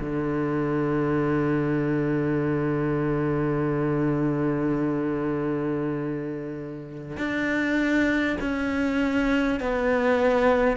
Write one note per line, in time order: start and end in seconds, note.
0.00 7.17 D3
7.17 8.37 D4
8.41 9.60 C#4
9.60 10.77 B3